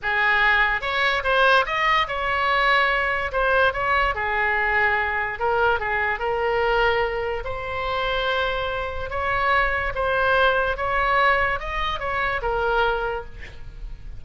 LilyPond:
\new Staff \with { instrumentName = "oboe" } { \time 4/4 \tempo 4 = 145 gis'2 cis''4 c''4 | dis''4 cis''2. | c''4 cis''4 gis'2~ | gis'4 ais'4 gis'4 ais'4~ |
ais'2 c''2~ | c''2 cis''2 | c''2 cis''2 | dis''4 cis''4 ais'2 | }